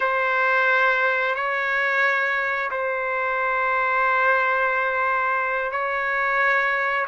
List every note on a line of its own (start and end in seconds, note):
0.00 1.35 C5
1.35 2.70 C#5
2.70 5.71 C5
5.71 7.06 C#5